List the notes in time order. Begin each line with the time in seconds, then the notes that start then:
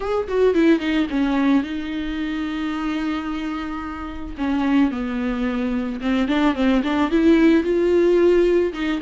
0.00 G#4
0.28 F#4
0.54 E4
0.79 D#4
1.10 C#4
1.63 D#4
4.37 C#4
4.91 B3
6.00 C4
6.28 D4
6.55 C4
6.83 D4
7.10 E4
7.63 F4
8.73 D#4